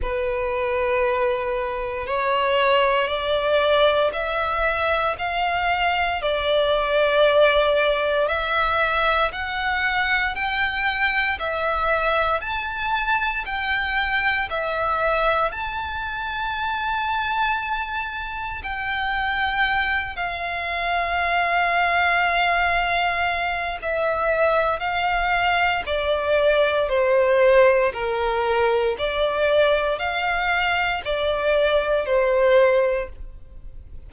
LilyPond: \new Staff \with { instrumentName = "violin" } { \time 4/4 \tempo 4 = 58 b'2 cis''4 d''4 | e''4 f''4 d''2 | e''4 fis''4 g''4 e''4 | a''4 g''4 e''4 a''4~ |
a''2 g''4. f''8~ | f''2. e''4 | f''4 d''4 c''4 ais'4 | d''4 f''4 d''4 c''4 | }